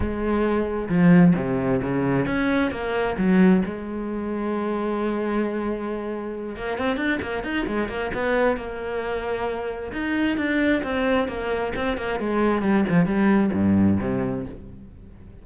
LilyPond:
\new Staff \with { instrumentName = "cello" } { \time 4/4 \tempo 4 = 133 gis2 f4 c4 | cis4 cis'4 ais4 fis4 | gis1~ | gis2~ gis8 ais8 c'8 d'8 |
ais8 dis'8 gis8 ais8 b4 ais4~ | ais2 dis'4 d'4 | c'4 ais4 c'8 ais8 gis4 | g8 f8 g4 g,4 c4 | }